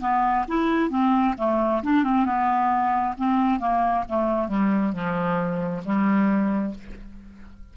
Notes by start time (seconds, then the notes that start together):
0.00 B3
0.48 E4
0.90 C4
1.37 A3
1.83 D4
2.04 C4
2.25 B3
3.17 C4
3.59 A#3
4.08 A3
4.48 G3
4.93 F3
5.85 G3